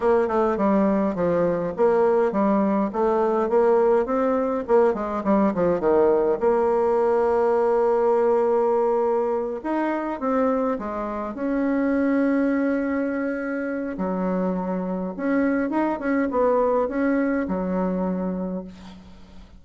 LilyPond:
\new Staff \with { instrumentName = "bassoon" } { \time 4/4 \tempo 4 = 103 ais8 a8 g4 f4 ais4 | g4 a4 ais4 c'4 | ais8 gis8 g8 f8 dis4 ais4~ | ais1~ |
ais8 dis'4 c'4 gis4 cis'8~ | cis'1 | fis2 cis'4 dis'8 cis'8 | b4 cis'4 fis2 | }